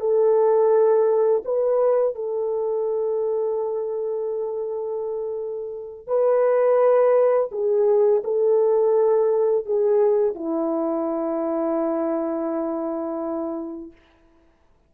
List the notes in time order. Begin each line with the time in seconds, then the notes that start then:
0.00 A4
1.45 B4
2.16 A4
6.07 B4
7.51 G#4
8.24 A4
9.66 G#4
10.35 E4